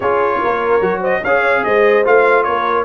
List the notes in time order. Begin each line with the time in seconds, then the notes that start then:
0.00 C#4 F4 G#4 C#5
0.41 A#3 A#4
0.80 F#3 F#4
1.00 C5 D#5
1.21 C#4 C#5 F5
1.27 G#4
1.64 G#3 C5 D#5
2.04 A3 F4 F5
2.43 A#3 A#4 C#5